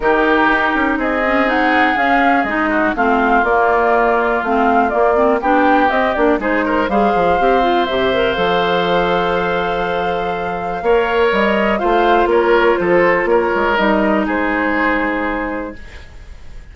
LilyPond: <<
  \new Staff \with { instrumentName = "flute" } { \time 4/4 \tempo 4 = 122 ais'2 dis''4 fis''4 | f''4 dis''4 f''4 d''4~ | d''4 f''4 d''4 g''4 | dis''8 d''8 c''4 f''2 |
e''4 f''2.~ | f''2. dis''4 | f''4 cis''4 c''4 cis''4 | dis''4 c''2. | }
  \new Staff \with { instrumentName = "oboe" } { \time 4/4 g'2 gis'2~ | gis'4. fis'8 f'2~ | f'2. g'4~ | g'4 gis'8 ais'8 c''2~ |
c''1~ | c''2 cis''2 | c''4 ais'4 a'4 ais'4~ | ais'4 gis'2. | }
  \new Staff \with { instrumentName = "clarinet" } { \time 4/4 dis'2~ dis'8 cis'8 dis'4 | cis'4 dis'4 c'4 ais4~ | ais4 c'4 ais8 c'8 d'4 | c'8 d'8 dis'4 gis'4 g'8 f'8 |
g'8 ais'8 a'2.~ | a'2 ais'2 | f'1 | dis'1 | }
  \new Staff \with { instrumentName = "bassoon" } { \time 4/4 dis4 dis'8 cis'8 c'2 | cis'4 gis4 a4 ais4~ | ais4 a4 ais4 b4 | c'8 ais8 gis4 g8 f8 c'4 |
c4 f2.~ | f2 ais4 g4 | a4 ais4 f4 ais8 gis8 | g4 gis2. | }
>>